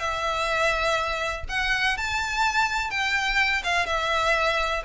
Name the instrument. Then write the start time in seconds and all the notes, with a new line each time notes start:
violin
0.00 E5
1.49 F#5
1.98 A5
2.91 G5
3.64 F5
3.87 E5